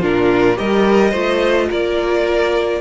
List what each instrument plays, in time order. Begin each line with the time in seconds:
0.00 cello A#2, viola D4, violin F4 A#4
0.56 cello G3, viola G4, violin A#4 D#5
1.11 cello A3, viola F4, violin C5
1.70 cello A#3, violin A#4 D5